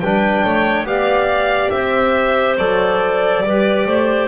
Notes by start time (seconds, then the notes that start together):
0.00 G3 D4 B4 G5
0.45 A3 C#5
0.83 B3 G4 D5 F5
1.70 C4 C5 E5
2.57 F#3 A4 D5
3.43 G3 G4 B4
3.86 A3 C5